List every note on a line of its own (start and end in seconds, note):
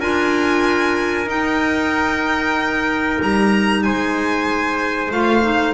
0.00 1.27 D4
0.00 1.27 F4
0.00 3.83 A#4
0.00 1.29 G#5
1.27 5.10 D#4
1.27 3.19 D#4
1.27 3.21 G5
3.22 3.86 G3
3.22 3.83 A#5
3.83 5.12 G#3
3.83 5.74 C5
3.83 5.11 G#5
5.11 5.74 A3
5.11 5.42 F4
5.11 5.74 F5
5.42 5.74 D#4